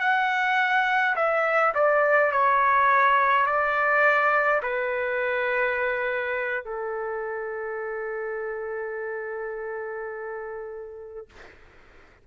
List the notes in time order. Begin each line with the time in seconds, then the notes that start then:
0.00 F#5
1.15 E5
1.75 D5
2.31 C#5
3.46 D5
4.63 B4
6.65 A4